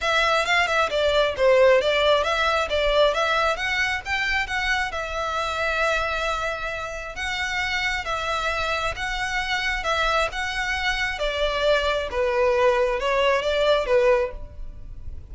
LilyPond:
\new Staff \with { instrumentName = "violin" } { \time 4/4 \tempo 4 = 134 e''4 f''8 e''8 d''4 c''4 | d''4 e''4 d''4 e''4 | fis''4 g''4 fis''4 e''4~ | e''1 |
fis''2 e''2 | fis''2 e''4 fis''4~ | fis''4 d''2 b'4~ | b'4 cis''4 d''4 b'4 | }